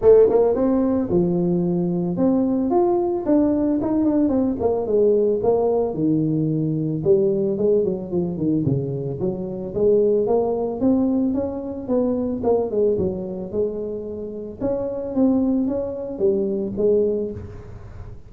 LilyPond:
\new Staff \with { instrumentName = "tuba" } { \time 4/4 \tempo 4 = 111 a8 ais8 c'4 f2 | c'4 f'4 d'4 dis'8 d'8 | c'8 ais8 gis4 ais4 dis4~ | dis4 g4 gis8 fis8 f8 dis8 |
cis4 fis4 gis4 ais4 | c'4 cis'4 b4 ais8 gis8 | fis4 gis2 cis'4 | c'4 cis'4 g4 gis4 | }